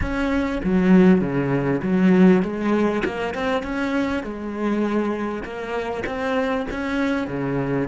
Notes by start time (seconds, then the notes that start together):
0.00 C#4
0.63 F#3
1.20 C#3
1.82 F#3
2.42 G#3
3.05 A#3
3.34 C4
3.63 C#4
4.23 G#3
5.43 A#3
6.06 C4
6.71 C#4
7.27 C#3